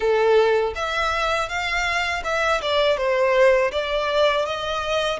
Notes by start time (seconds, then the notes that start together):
0.00 A4
0.75 E5
1.48 F5
2.24 E5
2.61 D5
2.97 C5
3.71 D5
4.45 D#5